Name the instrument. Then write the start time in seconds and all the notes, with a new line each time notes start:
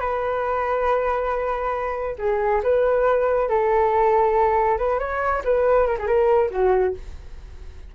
flute
0.00 B4
2.18 G#4
2.63 B4
3.49 A4
4.78 B4
4.99 C#5
5.44 B4
5.87 A#4
5.99 G#4
6.06 A#4
6.51 F#4